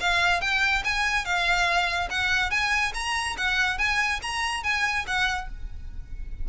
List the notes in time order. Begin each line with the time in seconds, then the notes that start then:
0.00 F5
0.41 G5
0.84 G#5
1.24 F5
2.10 F#5
2.50 G#5
2.94 A#5
3.37 F#5
3.78 G#5
4.22 A#5
4.63 G#5
5.06 F#5